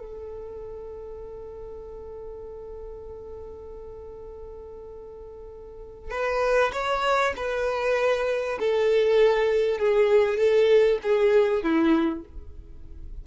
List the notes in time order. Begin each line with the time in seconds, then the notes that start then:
0.00 A4
6.11 B4
6.73 C#5
7.37 B4
8.60 A4
9.79 G#4
10.38 A4
11.03 G#4
11.64 E4